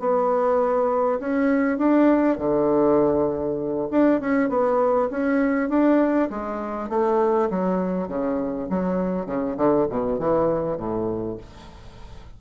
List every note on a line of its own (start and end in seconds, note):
0.00 1.20 B3
1.20 1.79 C#4
1.79 2.39 D4
2.39 3.89 D3
3.91 4.21 D4
4.21 4.50 C#4
4.50 5.10 B3
5.11 5.69 C#4
5.69 6.29 D4
6.31 6.90 G#3
6.90 7.50 A3
7.50 8.09 F#3
8.09 8.69 C#3
8.70 9.27 F#3
9.27 9.57 C#3
9.57 9.87 D3
9.90 10.19 B2
10.19 10.78 E3
10.78 11.38 A2